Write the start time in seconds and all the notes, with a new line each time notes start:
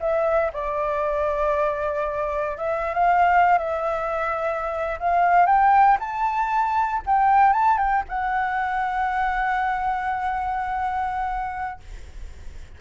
0.00 E5
0.53 D5
2.58 E5
2.94 F5
3.58 E5
4.99 F5
5.46 G5
6.00 A5
7.06 G5
7.53 A5
7.78 G5
8.08 F#5